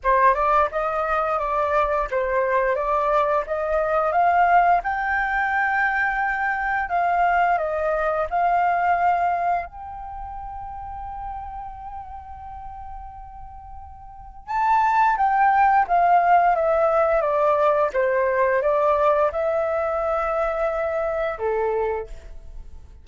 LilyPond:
\new Staff \with { instrumentName = "flute" } { \time 4/4 \tempo 4 = 87 c''8 d''8 dis''4 d''4 c''4 | d''4 dis''4 f''4 g''4~ | g''2 f''4 dis''4 | f''2 g''2~ |
g''1~ | g''4 a''4 g''4 f''4 | e''4 d''4 c''4 d''4 | e''2. a'4 | }